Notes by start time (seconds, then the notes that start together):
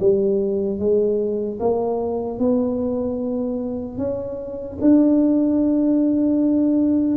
0.00 G3
0.79 G#3
1.60 A#3
2.39 B3
3.98 C#4
4.81 D4